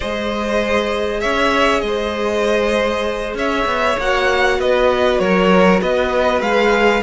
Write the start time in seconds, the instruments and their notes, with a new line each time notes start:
0.00 cello G#3, viola G#4, violin C5 D#5
1.20 cello C#4, violin C#5 E5
1.80 cello G#3, violin D#5
1.86 violin C5
3.34 cello C#4, violin C#5 E5
3.65 cello B3
3.98 cello A#3, viola F#4, violin F#5
4.58 cello B3, violin B4 D#5
5.18 cello F#3, violin A#4 C#5
5.81 cello B3, violin B4 D#5
6.41 cello G#3, viola G#4, violin F5